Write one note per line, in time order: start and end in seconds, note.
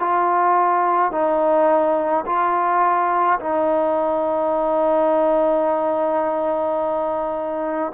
0.00 1.12 F4
1.12 2.25 D#4
2.26 3.40 F4
3.40 7.92 D#4